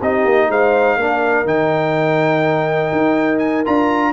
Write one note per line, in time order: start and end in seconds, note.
0.00 0.24 C4
0.00 1.00 D#4
0.00 0.49 G4
0.00 0.51 D#5
0.24 0.48 A#3
0.48 0.96 G#3
0.48 0.98 C5
0.48 1.47 F5
0.96 1.45 A#3
0.96 1.45 D4
0.96 4.12 A#4
1.45 2.91 D#3
1.45 3.65 D#4
1.45 3.39 G5
2.91 3.65 D#4
3.39 3.63 G#5
3.65 4.12 D4
3.65 4.12 F4
3.65 4.12 A#5